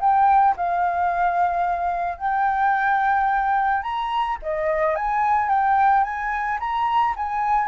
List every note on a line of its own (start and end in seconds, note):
0.00 0.55 G5
0.56 2.17 F5
2.17 3.82 G5
3.82 4.37 A#5
4.42 4.95 D#5
4.95 5.49 G#5
5.49 6.03 G5
6.03 6.58 G#5
6.59 7.14 A#5
7.16 7.68 G#5